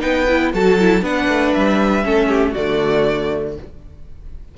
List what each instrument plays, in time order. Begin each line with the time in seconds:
0.00 cello B3, viola D#4, violin B4 G5
0.29 viola E4
0.54 cello F#3, viola F#4, violin A4 A5
0.80 viola E4
1.02 cello B3, viola D4, violin B4 F#5
1.28 cello A3
1.54 cello G3, violin E5
2.04 cello A3, viola C#4, violin A4
2.28 violin G4
2.52 cello D3, viola A3, violin F#4 D5